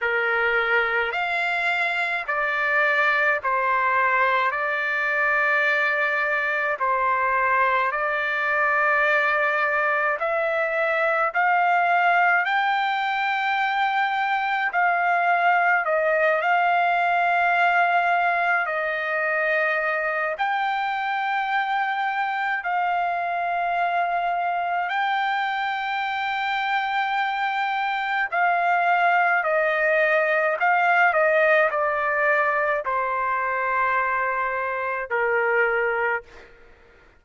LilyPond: \new Staff \with { instrumentName = "trumpet" } { \time 4/4 \tempo 4 = 53 ais'4 f''4 d''4 c''4 | d''2 c''4 d''4~ | d''4 e''4 f''4 g''4~ | g''4 f''4 dis''8 f''4.~ |
f''8 dis''4. g''2 | f''2 g''2~ | g''4 f''4 dis''4 f''8 dis''8 | d''4 c''2 ais'4 | }